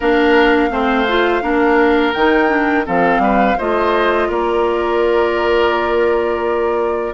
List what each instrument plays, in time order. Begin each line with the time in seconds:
0.00 bassoon A#3, clarinet D4, oboe A#4, flute F5
0.70 bassoon A3, clarinet C4, oboe C5
1.07 clarinet F4
1.41 bassoon A#3, clarinet D4, oboe A#4
2.13 bassoon D#3, clarinet D#4, flute G5
2.48 clarinet D4
2.85 bassoon F3, clarinet C4, oboe A4, flute F5
3.18 bassoon G3, oboe B4
3.57 bassoon A3, clarinet F4, oboe C5, flute D#5
4.28 bassoon A#3, oboe A#4, flute D5